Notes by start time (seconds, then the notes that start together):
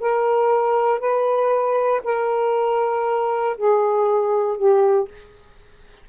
0.00 A#4
1.00 B4
2.04 A#4
3.57 G#4
4.57 G4